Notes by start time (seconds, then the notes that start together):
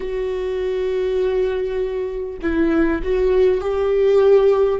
0.00 F#4
2.42 E4
3.02 F#4
3.60 G4